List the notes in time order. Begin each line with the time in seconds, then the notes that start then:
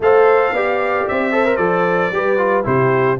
0.00 A3 A4 C5 F5
0.51 B3 G4 D5
1.08 C4 E5
1.31 A4 C5
1.45 A#4
1.56 F3 A4 D5
2.11 G3 G4 B4
2.37 F4
2.64 C3 E4 G4 C5